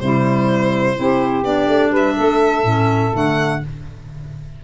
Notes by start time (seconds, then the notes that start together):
0.00 C3 G3 E4 C5
0.96 C4 E4 G4
1.44 B3 D4 D5
1.68 A3
1.91 G3 B4 E5
2.17 A3 A4
2.64 A2 C#4
3.13 D3 A3 F#5